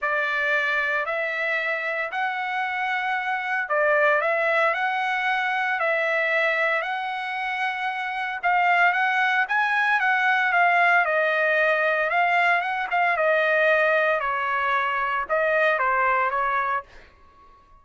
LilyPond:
\new Staff \with { instrumentName = "trumpet" } { \time 4/4 \tempo 4 = 114 d''2 e''2 | fis''2. d''4 | e''4 fis''2 e''4~ | e''4 fis''2. |
f''4 fis''4 gis''4 fis''4 | f''4 dis''2 f''4 | fis''8 f''8 dis''2 cis''4~ | cis''4 dis''4 c''4 cis''4 | }